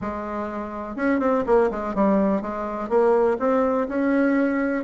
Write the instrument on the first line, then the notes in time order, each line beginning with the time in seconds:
bassoon
0.01 G#3
0.96 C#4
1.19 C4
1.46 A#3
1.70 G#3
1.94 G3
2.41 G#3
2.89 A#3
3.39 C4
3.88 C#4